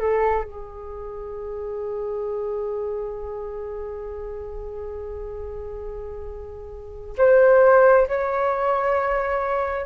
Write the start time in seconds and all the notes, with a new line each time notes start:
0.00 A4
0.44 G#4
7.18 C5
8.08 C#5